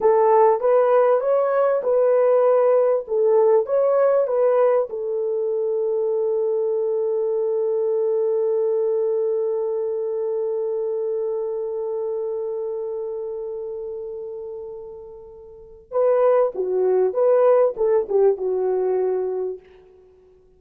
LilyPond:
\new Staff \with { instrumentName = "horn" } { \time 4/4 \tempo 4 = 98 a'4 b'4 cis''4 b'4~ | b'4 a'4 cis''4 b'4 | a'1~ | a'1~ |
a'1~ | a'1~ | a'2 b'4 fis'4 | b'4 a'8 g'8 fis'2 | }